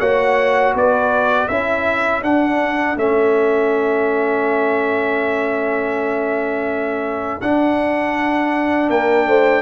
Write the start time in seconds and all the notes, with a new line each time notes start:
0.00 A#3 F#4 C#5 F#5
0.75 B3 B4 D5
1.48 C#4 E4 A4 E5
2.22 D4 F#5
2.96 A3 C#4 E5
7.42 D4 F#5
8.90 A#3 A#4 G5
9.26 A3 C5